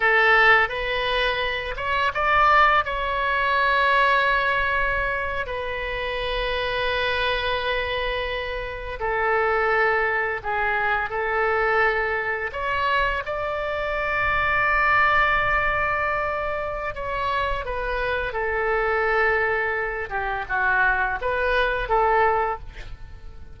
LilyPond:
\new Staff \with { instrumentName = "oboe" } { \time 4/4 \tempo 4 = 85 a'4 b'4. cis''8 d''4 | cis''2.~ cis''8. b'16~ | b'1~ | b'8. a'2 gis'4 a'16~ |
a'4.~ a'16 cis''4 d''4~ d''16~ | d''1 | cis''4 b'4 a'2~ | a'8 g'8 fis'4 b'4 a'4 | }